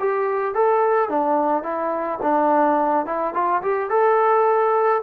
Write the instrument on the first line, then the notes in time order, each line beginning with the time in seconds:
trombone
0.00 G4
0.55 A4
1.09 D4
1.63 E4
2.23 D4
3.06 E4
3.34 F4
3.62 G4
3.90 A4